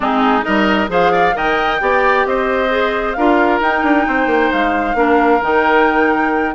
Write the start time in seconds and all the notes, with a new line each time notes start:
0.00 G#3 C4 D#4 G#4
0.42 G3 D#4 A#4 D#5
0.88 F3 G#4 C5 F5
1.12 D5
1.33 D#3 A#4 D#5 G5
1.80 B3 G4 D5
2.25 C4 C5 D#5
2.69 G#4
3.13 D4 F4 A#4 F5
3.60 D#4 G5
3.83 D4
4.07 C4 C5
4.26 A#3
4.52 G#3 F5
4.94 A#3 D4 A#4
5.42 D#3 D#4 G5